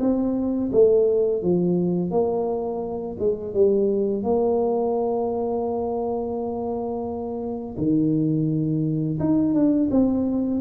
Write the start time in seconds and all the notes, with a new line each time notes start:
0.00 C4
0.72 A3
1.42 F3
2.10 A#3
3.19 G#3
3.53 G3
4.23 A#3
7.77 D#3
9.20 D#4
9.54 D4
9.90 C4